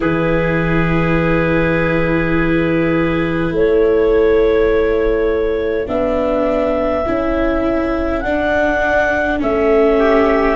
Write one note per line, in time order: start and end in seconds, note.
0.00 3.50 E3
0.00 5.85 E4
0.00 3.53 G#4
0.00 3.54 B4
3.50 5.86 A3
3.50 9.98 A4
3.50 5.87 C#5
5.85 7.05 B3
5.85 7.03 D4
5.85 8.20 E5
7.06 8.23 C#4
7.06 8.24 E4
8.20 9.41 D4
8.20 9.39 D4
8.20 9.37 F#5
9.39 10.56 A3
9.39 10.56 C#4
9.39 10.56 E5
9.98 10.56 G4